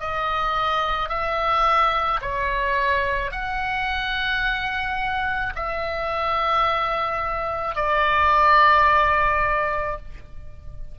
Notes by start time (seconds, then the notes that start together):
0.00 D#5
1.10 E5
2.22 C#5
3.32 F#5
5.56 E5
7.76 D5